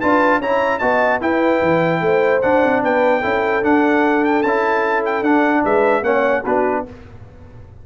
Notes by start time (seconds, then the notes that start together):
0.00 D4 F4 B4 A5
0.39 C#4 E4 C#5 A#5
0.79 B3 F#4 D#5 A5
1.21 E4 B4 G5
1.62 E3
2.01 A3 C5
2.42 D4 F#5
2.63 C4
2.83 B3 B4 G5
3.20 C#4 E4 A4
3.62 D4 F#5
4.24 G5
4.42 C#4 E4 A5
5.05 G5
5.22 D4 F#5
5.63 G#3 B4 E5
6.02 A#3 C#4 C#5 F#5
6.44 B3 D4 F#4 B4